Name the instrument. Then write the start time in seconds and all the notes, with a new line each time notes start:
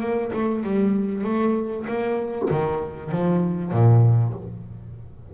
double bass
0.00 A#3
0.33 A3
0.63 G3
1.23 A3
1.87 A#3
2.50 D#3
3.11 F3
3.71 A#2